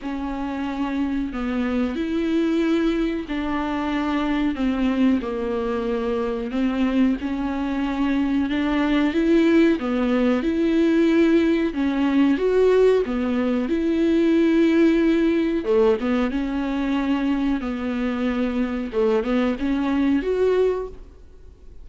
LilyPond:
\new Staff \with { instrumentName = "viola" } { \time 4/4 \tempo 4 = 92 cis'2 b4 e'4~ | e'4 d'2 c'4 | ais2 c'4 cis'4~ | cis'4 d'4 e'4 b4 |
e'2 cis'4 fis'4 | b4 e'2. | a8 b8 cis'2 b4~ | b4 a8 b8 cis'4 fis'4 | }